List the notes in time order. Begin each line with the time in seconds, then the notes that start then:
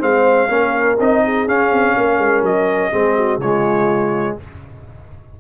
0.00 G#3 C4 C5 F5
0.49 A#3 C#4 A#4
1.00 C4 D#4 D#5
1.24 G#4
1.47 C#4 F5
1.71 C4
1.97 A#3 A#4
2.18 G#3
2.43 F#3 D#5
2.92 G#3 C4 G#4
3.16 F#4
3.38 C#3 G#3 F4 C#5